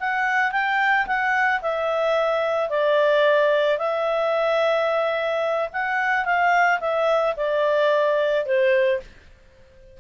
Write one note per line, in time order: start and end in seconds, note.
0.00 0.52 F#5
0.52 1.06 G5
1.07 1.61 F#5
1.62 2.70 E5
2.70 3.78 D5
3.78 5.69 E5
5.73 6.25 F#5
6.25 6.80 F5
6.80 7.35 E5
7.37 8.46 D5
8.46 9.00 C5